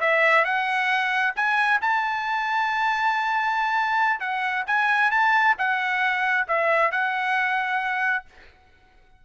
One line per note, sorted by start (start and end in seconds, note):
0.00 0.44 E5
0.44 1.33 F#5
1.36 1.80 G#5
1.81 4.20 A5
4.20 4.64 F#5
4.66 5.11 G#5
5.11 5.55 A5
5.58 6.47 F#5
6.48 6.91 E5
6.91 8.25 F#5